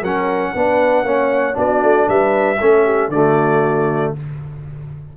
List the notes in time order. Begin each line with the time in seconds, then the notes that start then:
0.00 F#3 C#4 A#4 F#5
0.54 B3 D4 B4
1.03 A#3 C#4 C#5
1.53 B3 D4 F#4 D5
1.82 A3
2.07 G3 B4 E5
2.60 A3 C#4 A4
2.84 G4
3.09 D3 A3 F#4 D5